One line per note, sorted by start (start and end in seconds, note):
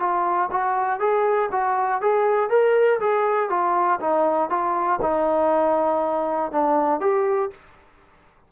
0.00 0.50 F4
0.52 1.00 F#4
1.00 1.50 G#4
1.52 2.02 F#4
2.02 2.50 G#4
2.50 3.00 A#4
3.01 3.50 G#4
3.50 4.00 F4
4.01 4.50 D#4
4.50 5.00 F4
5.02 6.52 D#4
6.52 7.01 D4
7.01 7.51 G4